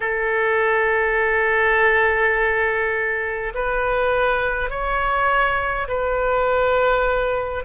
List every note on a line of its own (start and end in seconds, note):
0.00 3.53 A4
3.54 4.70 B4
4.70 5.87 C#5
5.88 7.64 B4